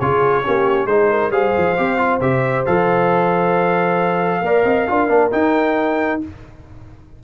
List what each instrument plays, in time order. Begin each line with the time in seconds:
0.00 tuba C#3, trombone F4, horn G#4, trumpet C#5
0.44 tuba A#3, trombone C#4, horn G4
0.86 tuba G#3, trombone D#4, horn G#4, trumpet C5
1.10 horn A#4
1.30 tuba G3, trombone G#4, horn C5, trumpet F5
1.58 tuba F3
1.77 tuba C4, trombone G4
1.98 trombone F4
2.20 tuba C3, trombone G4, trumpet E5
2.66 tuba F3, trombone A4, trumpet F5
4.42 tuba A#3, trombone A#4, horn D5
4.65 tuba C4, horn D#5
4.88 tuba D4, trombone F4, horn A#4
5.09 tuba A#3, trombone D4
5.32 trombone D#4, tuba D#4, trumpet G5